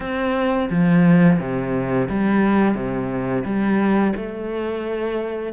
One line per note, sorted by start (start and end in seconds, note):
0.00 0.69 C4
0.70 1.39 F3
1.39 2.08 C3
2.09 2.75 G3
2.75 3.44 C3
3.45 4.13 G3
4.15 5.52 A3